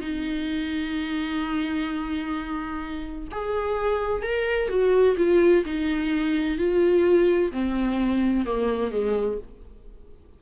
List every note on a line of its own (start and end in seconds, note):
0.00 3.28 D#4
3.31 4.22 G#4
4.22 4.69 A#4
4.69 5.15 F#4
5.17 5.64 F4
5.65 6.58 D#4
6.58 7.51 F4
7.52 8.45 C4
8.45 8.91 A#3
8.91 9.38 G#3